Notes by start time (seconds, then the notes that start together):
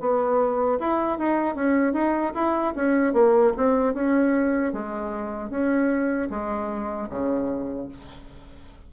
0.00 B3
0.80 E4
1.18 D#4
1.55 C#4
1.93 D#4
2.34 E4
2.76 C#4
3.13 A#3
3.57 C4
3.94 C#4
4.73 G#3
5.50 C#4
6.30 G#3
7.09 C#3